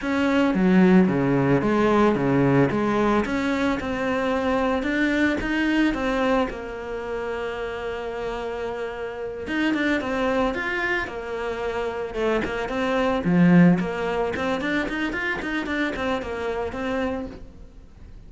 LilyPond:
\new Staff \with { instrumentName = "cello" } { \time 4/4 \tempo 4 = 111 cis'4 fis4 cis4 gis4 | cis4 gis4 cis'4 c'4~ | c'4 d'4 dis'4 c'4 | ais1~ |
ais4. dis'8 d'8 c'4 f'8~ | f'8 ais2 a8 ais8 c'8~ | c'8 f4 ais4 c'8 d'8 dis'8 | f'8 dis'8 d'8 c'8 ais4 c'4 | }